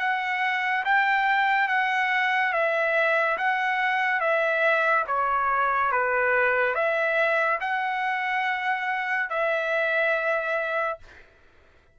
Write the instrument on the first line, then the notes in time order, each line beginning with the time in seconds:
trumpet
0.00 F#5
0.85 G5
1.69 F#5
2.53 E5
3.38 F#5
4.21 E5
5.07 C#5
5.92 B4
6.75 E5
7.61 F#5
9.30 E5